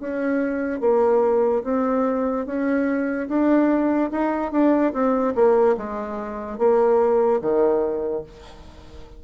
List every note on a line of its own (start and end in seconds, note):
0.00 0.81 C#4
0.81 1.63 A#3
1.64 2.46 C4
2.46 3.28 C#4
3.28 4.11 D4
4.11 4.52 D#4
4.52 4.93 D4
4.93 5.34 C4
5.35 5.76 A#3
5.78 6.59 G#3
6.59 7.41 A#3
7.41 8.23 D#3